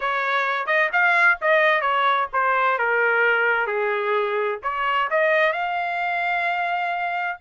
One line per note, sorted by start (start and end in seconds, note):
0.00 0.66 C#5
0.66 0.89 D#5
0.92 1.38 F5
1.41 1.81 D#5
1.81 2.27 C#5
2.32 2.78 C5
2.78 3.66 A#4
3.66 4.59 G#4
4.62 5.09 C#5
5.10 5.52 D#5
5.52 7.37 F5